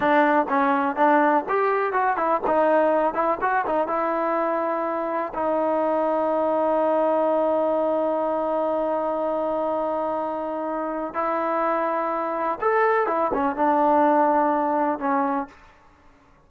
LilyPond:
\new Staff \with { instrumentName = "trombone" } { \time 4/4 \tempo 4 = 124 d'4 cis'4 d'4 g'4 | fis'8 e'8 dis'4. e'8 fis'8 dis'8 | e'2. dis'4~ | dis'1~ |
dis'1~ | dis'2. e'4~ | e'2 a'4 e'8 cis'8 | d'2. cis'4 | }